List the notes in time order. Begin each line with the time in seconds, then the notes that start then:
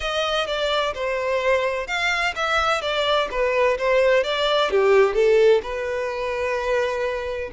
0.00 D#5
0.46 D5
0.94 C5
1.87 F5
2.35 E5
2.81 D5
3.31 B4
3.78 C5
4.23 D5
4.70 G4
5.14 A4
5.62 B4